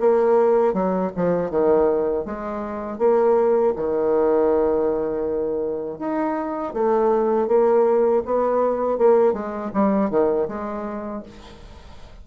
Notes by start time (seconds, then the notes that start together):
0.00 A#3
0.74 F#3
1.16 F3
1.50 D#3
2.25 G#3
2.98 A#3
3.76 D#3
5.99 D#4
6.73 A3
7.48 A#3
8.25 B3
8.98 A#3
9.33 G#3
9.74 G3
10.10 D#3
10.48 G#3